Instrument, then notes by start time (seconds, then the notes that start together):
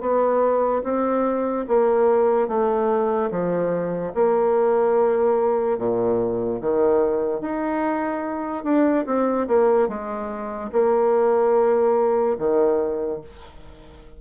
bassoon
0.00 B3
0.83 C4
1.68 A#3
2.48 A3
3.31 F3
4.14 A#3
5.78 A#2
6.61 D#3
7.41 D#4
8.64 D4
9.06 C4
9.47 A#3
9.88 G#3
10.72 A#3
12.38 D#3